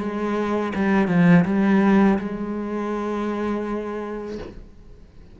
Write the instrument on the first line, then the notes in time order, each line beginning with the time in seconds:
cello
0.00 G#3
0.75 G3
1.08 F3
1.46 G3
2.19 G#3